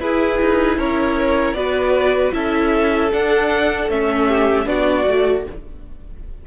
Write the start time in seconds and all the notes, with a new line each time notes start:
0.00 E4 G#4 B4
0.41 D#4
0.77 C#4 A#4 C#5
1.53 B3 F#4 B4 D5
2.32 C#4 E4 A4 E5
3.12 D4 F#5
3.88 A3 C#4 E5
4.27 G4
4.66 B3 D4 F#4 D5
5.08 A3 F#4